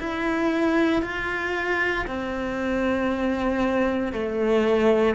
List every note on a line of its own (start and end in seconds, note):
0.00 1.02 E4
1.02 2.05 F4
2.07 4.13 C4
4.13 5.15 A3